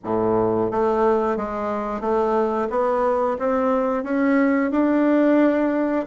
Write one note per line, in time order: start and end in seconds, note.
0.04 0.71 A2
0.71 1.36 A3
1.36 2.00 G#3
2.00 2.68 A3
2.70 3.37 B3
3.38 4.03 C4
4.03 4.71 C#4
4.71 6.06 D4